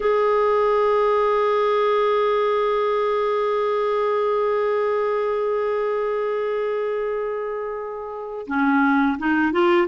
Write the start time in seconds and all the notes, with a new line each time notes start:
0.00 G#4
8.47 C#4
9.18 D#4
9.52 F4